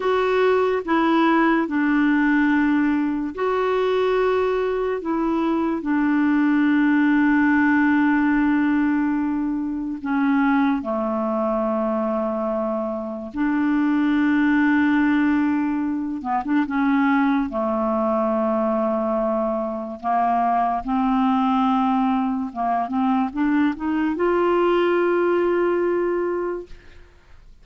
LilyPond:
\new Staff \with { instrumentName = "clarinet" } { \time 4/4 \tempo 4 = 72 fis'4 e'4 d'2 | fis'2 e'4 d'4~ | d'1 | cis'4 a2. |
d'2.~ d'8 b16 d'16 | cis'4 a2. | ais4 c'2 ais8 c'8 | d'8 dis'8 f'2. | }